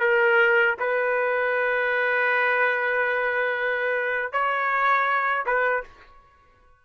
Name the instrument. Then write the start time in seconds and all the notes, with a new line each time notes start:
trumpet
0.00 A#4
0.79 B4
4.32 C#5
5.46 B4